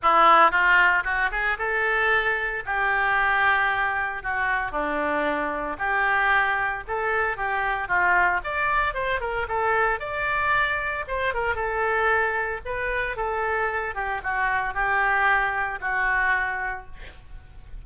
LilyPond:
\new Staff \with { instrumentName = "oboe" } { \time 4/4 \tempo 4 = 114 e'4 f'4 fis'8 gis'8 a'4~ | a'4 g'2. | fis'4 d'2 g'4~ | g'4 a'4 g'4 f'4 |
d''4 c''8 ais'8 a'4 d''4~ | d''4 c''8 ais'8 a'2 | b'4 a'4. g'8 fis'4 | g'2 fis'2 | }